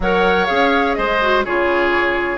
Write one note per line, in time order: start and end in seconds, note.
0.00 0.48 F#3
0.00 0.47 A#4
0.00 0.97 C#5
0.00 0.46 F#5
0.46 0.98 C#4
0.46 1.19 G#4
0.46 0.94 F5
0.94 1.45 G#3
0.94 1.45 C5
0.94 1.42 D#5
1.21 1.45 F#4
1.45 2.38 C#3
1.45 2.38 F4
1.45 2.38 G#4
1.45 2.38 C#5